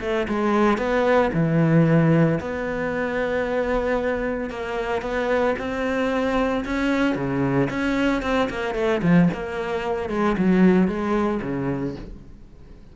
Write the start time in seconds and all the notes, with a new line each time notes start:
0.00 A3
0.28 G#3
0.77 B3
1.33 E3
2.40 B3
4.50 A#3
5.02 B3
5.58 C4
6.65 C#4
7.15 C#3
7.69 C#4
8.22 C4
8.50 A#3
8.74 A3
9.02 F3
9.33 A#3
10.09 G#3
10.38 F#3
10.87 G#3
11.42 C#3